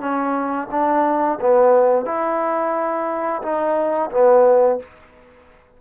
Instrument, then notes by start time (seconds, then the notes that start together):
trombone
0.00 C#4
0.71 D4
1.41 B3
2.06 E4
3.42 D#4
4.11 B3